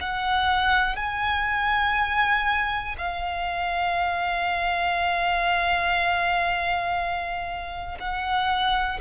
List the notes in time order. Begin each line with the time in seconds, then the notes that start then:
0.00 F#5
0.96 G#5
2.98 F5
7.99 F#5